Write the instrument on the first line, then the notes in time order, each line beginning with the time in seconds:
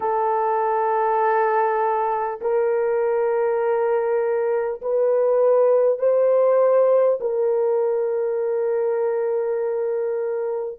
horn
0.00 A4
2.41 A#4
4.81 B4
5.98 C5
7.20 A#4